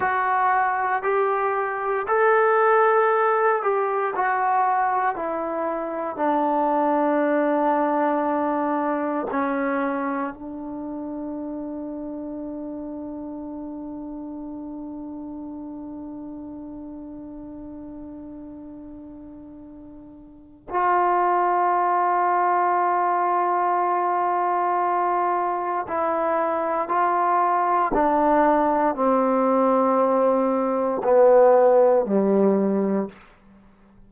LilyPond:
\new Staff \with { instrumentName = "trombone" } { \time 4/4 \tempo 4 = 58 fis'4 g'4 a'4. g'8 | fis'4 e'4 d'2~ | d'4 cis'4 d'2~ | d'1~ |
d'1 | f'1~ | f'4 e'4 f'4 d'4 | c'2 b4 g4 | }